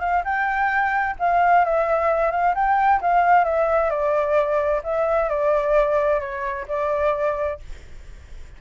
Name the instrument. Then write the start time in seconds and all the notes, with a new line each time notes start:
flute
0.00 F5
0.24 G5
1.19 F5
1.65 E5
2.31 F5
2.55 G5
3.01 F5
3.45 E5
3.90 D5
4.83 E5
5.29 D5
6.20 C#5
6.68 D5